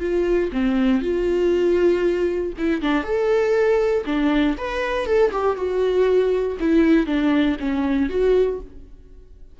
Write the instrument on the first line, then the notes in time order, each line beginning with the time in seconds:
viola
0.00 F4
0.52 C4
1.01 F4
2.58 E4
2.81 D4
3.04 A4
4.05 D4
4.58 B4
5.06 A4
5.31 G4
5.56 F#4
6.60 E4
7.06 D4
7.60 C#4
8.09 F#4